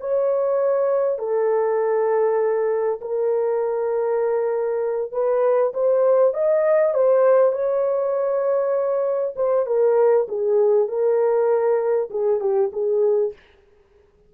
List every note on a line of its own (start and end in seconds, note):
0.00 1.18 C#5
1.18 3.00 A4
3.01 5.12 A#4
5.12 5.72 B4
5.74 6.34 C5
6.34 6.94 D#5
6.94 7.52 C5
7.52 9.34 C#5
9.36 9.66 C5
9.66 10.27 A#4
10.28 10.88 G#4
10.88 12.09 A#4
12.10 12.40 G#4
12.40 12.70 G4
12.72 13.33 G#4